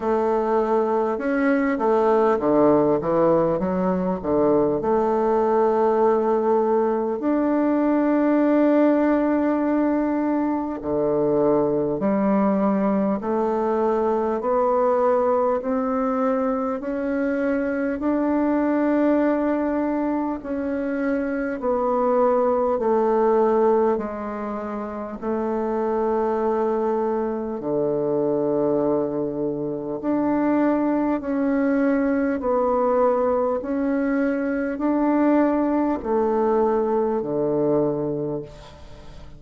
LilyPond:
\new Staff \with { instrumentName = "bassoon" } { \time 4/4 \tempo 4 = 50 a4 cis'8 a8 d8 e8 fis8 d8 | a2 d'2~ | d'4 d4 g4 a4 | b4 c'4 cis'4 d'4~ |
d'4 cis'4 b4 a4 | gis4 a2 d4~ | d4 d'4 cis'4 b4 | cis'4 d'4 a4 d4 | }